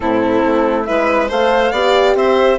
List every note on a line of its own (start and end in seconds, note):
0.00 0.43 A2
0.00 0.85 C4
0.00 0.87 E4
0.00 0.84 A4
0.46 0.89 A3
0.84 1.30 G#3
0.84 1.28 E4
0.84 1.28 B4
0.84 1.27 E5
1.28 1.72 A3
1.28 1.72 A4
1.28 1.71 C5
1.28 2.15 F5
1.71 2.15 B3
1.71 2.58 G4
1.71 2.14 D5
2.15 2.58 C4
2.15 2.58 C5
2.15 2.58 E5